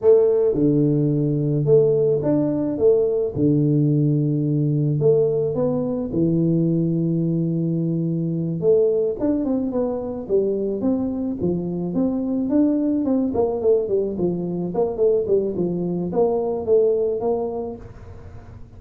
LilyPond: \new Staff \with { instrumentName = "tuba" } { \time 4/4 \tempo 4 = 108 a4 d2 a4 | d'4 a4 d2~ | d4 a4 b4 e4~ | e2.~ e8 a8~ |
a8 d'8 c'8 b4 g4 c'8~ | c'8 f4 c'4 d'4 c'8 | ais8 a8 g8 f4 ais8 a8 g8 | f4 ais4 a4 ais4 | }